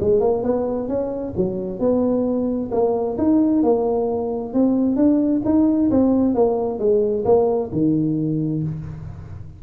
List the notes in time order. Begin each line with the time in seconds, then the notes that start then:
0.00 G#3
0.20 A#3
0.43 B3
0.88 C#4
1.36 F#3
1.79 B3
2.71 A#3
3.17 D#4
3.63 A#3
4.53 C4
4.96 D4
5.45 D#4
5.90 C4
6.34 A#3
6.79 G#3
7.25 A#3
7.72 D#3